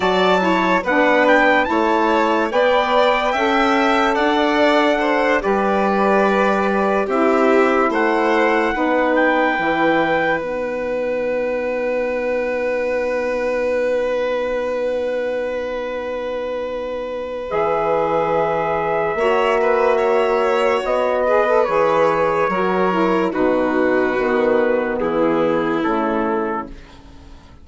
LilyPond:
<<
  \new Staff \with { instrumentName = "trumpet" } { \time 4/4 \tempo 4 = 72 a''4 fis''8 g''8 a''4 g''4~ | g''4 fis''4. d''4.~ | d''8 e''4 fis''4. g''4~ | g''8 fis''2.~ fis''8~ |
fis''1~ | fis''4 e''2.~ | e''4 dis''4 cis''2 | b'2 gis'4 a'4 | }
  \new Staff \with { instrumentName = "violin" } { \time 4/4 d''8 cis''8 b'4 cis''4 d''4 | e''4 d''4 c''8 b'4.~ | b'8 g'4 c''4 b'4.~ | b'1~ |
b'1~ | b'2. cis''8 b'8 | cis''4. b'4. ais'4 | fis'2 e'2 | }
  \new Staff \with { instrumentName = "saxophone" } { \time 4/4 fis'8 e'8 d'4 e'4 b'4 | a'2~ a'8 g'4.~ | g'8 e'2 dis'4 e'8~ | e'8 dis'2.~ dis'8~ |
dis'1~ | dis'4 gis'2 fis'4~ | fis'4. gis'16 a'16 gis'4 fis'8 e'8 | dis'4 b2 a4 | }
  \new Staff \with { instrumentName = "bassoon" } { \time 4/4 fis4 b4 a4 b4 | cis'4 d'4. g4.~ | g8 c'4 a4 b4 e8~ | e8 b2.~ b8~ |
b1~ | b4 e2 ais4~ | ais4 b4 e4 fis4 | b,4 dis4 e4 cis4 | }
>>